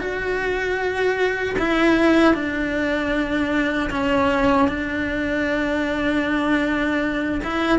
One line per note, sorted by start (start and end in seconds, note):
0.00 1.56 F#4
1.58 2.34 E4
2.34 3.90 D4
3.90 4.68 C#4
4.68 7.41 D4
7.44 7.79 E4